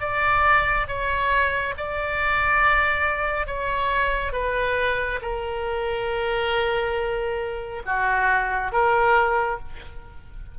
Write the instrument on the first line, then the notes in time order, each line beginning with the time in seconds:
oboe
0.00 D5
0.87 C#5
1.77 D5
3.47 C#5
4.32 B4
5.22 A#4
7.85 F#4
8.72 A#4